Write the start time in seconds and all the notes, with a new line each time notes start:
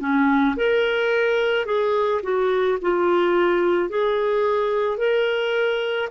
0.00 C#4
0.57 A#4
1.66 G#4
2.23 F#4
2.81 F4
3.89 G#4
4.97 A#4